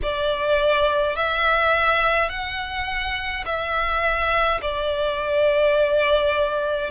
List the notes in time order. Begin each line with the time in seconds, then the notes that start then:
0.02 D5
1.15 E5
2.29 F#5
3.45 E5
4.62 D5